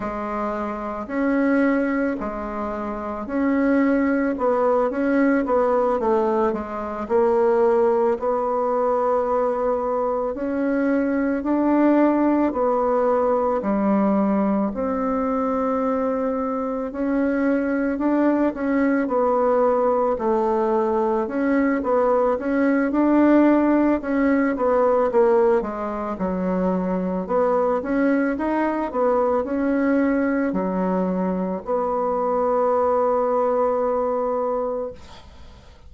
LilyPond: \new Staff \with { instrumentName = "bassoon" } { \time 4/4 \tempo 4 = 55 gis4 cis'4 gis4 cis'4 | b8 cis'8 b8 a8 gis8 ais4 b8~ | b4. cis'4 d'4 b8~ | b8 g4 c'2 cis'8~ |
cis'8 d'8 cis'8 b4 a4 cis'8 | b8 cis'8 d'4 cis'8 b8 ais8 gis8 | fis4 b8 cis'8 dis'8 b8 cis'4 | fis4 b2. | }